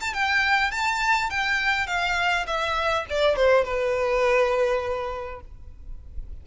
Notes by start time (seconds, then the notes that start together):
0.00 A5
0.13 G5
0.71 A5
1.30 G5
1.87 F5
2.47 E5
3.09 D5
3.36 C5
3.64 B4